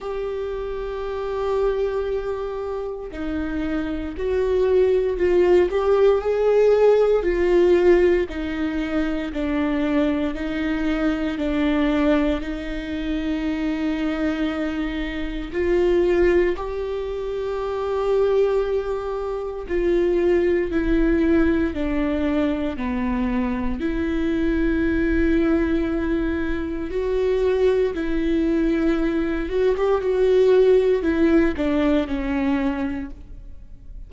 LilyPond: \new Staff \with { instrumentName = "viola" } { \time 4/4 \tempo 4 = 58 g'2. dis'4 | fis'4 f'8 g'8 gis'4 f'4 | dis'4 d'4 dis'4 d'4 | dis'2. f'4 |
g'2. f'4 | e'4 d'4 b4 e'4~ | e'2 fis'4 e'4~ | e'8 fis'16 g'16 fis'4 e'8 d'8 cis'4 | }